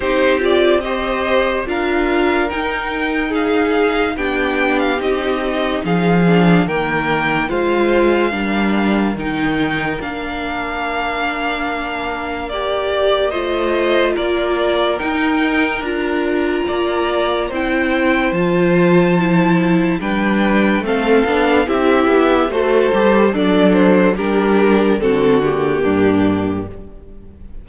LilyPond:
<<
  \new Staff \with { instrumentName = "violin" } { \time 4/4 \tempo 4 = 72 c''8 d''8 dis''4 f''4 g''4 | f''4 g''8. f''16 dis''4 f''4 | g''4 f''2 g''4 | f''2. d''4 |
dis''4 d''4 g''4 ais''4~ | ais''4 g''4 a''2 | g''4 f''4 e''4 c''4 | d''8 c''8 ais'4 a'8 g'4. | }
  \new Staff \with { instrumentName = "violin" } { \time 4/4 g'4 c''4 ais'2 | gis'4 g'2 gis'4 | ais'4 c''4 ais'2~ | ais'1 |
c''4 ais'2. | d''4 c''2. | b'4 a'4 g'4 a'4 | d'4 g'4 fis'4 d'4 | }
  \new Staff \with { instrumentName = "viola" } { \time 4/4 dis'8 f'8 g'4 f'4 dis'4~ | dis'4 d'4 dis'4. d'8 | ais4 f'4 d'4 dis'4 | d'2. g'4 |
f'2 dis'4 f'4~ | f'4 e'4 f'4 e'4 | d'4 c'8 d'8 e'4 fis'8 g'8 | a'4 d'4 c'8 ais4. | }
  \new Staff \with { instrumentName = "cello" } { \time 4/4 c'2 d'4 dis'4~ | dis'4 b4 c'4 f4 | dis4 gis4 g4 dis4 | ais1 |
a4 ais4 dis'4 d'4 | ais4 c'4 f2 | g4 a8 b8 c'8 b8 a8 g8 | fis4 g4 d4 g,4 | }
>>